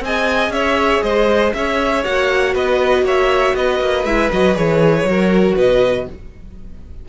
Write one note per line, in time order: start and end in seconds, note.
0.00 0.49 C4
0.00 2.04 G#4
0.00 0.53 D#5
0.00 0.52 G#5
0.49 0.99 C#4
0.49 1.03 C#5
0.49 1.02 E5
1.02 1.53 G#3
1.02 1.54 C5
1.02 1.53 D#5
1.54 2.04 C#4
1.54 2.54 C#5
1.54 2.04 E5
2.04 2.55 A#3
2.04 4.06 F#4
2.04 2.54 F#5
2.54 3.03 B3
2.54 3.04 B4
2.54 3.06 D#5
3.03 3.53 A#3
3.03 3.55 C#5
3.03 3.56 E5
3.55 3.80 B3
3.55 5.09 B4
3.55 4.05 D#5
3.80 4.04 A#3
4.04 4.29 G#3
4.04 4.31 E4
4.04 4.30 E5
4.31 4.57 F#3
4.31 4.55 F#4
4.31 4.55 D#5
4.55 5.03 E3
4.55 5.05 G#4
4.55 5.56 C#5
5.03 5.54 F#3
5.03 6.09 F#4
5.03 5.55 A#4
5.55 6.06 B2
5.55 6.05 B4
5.55 6.08 D#5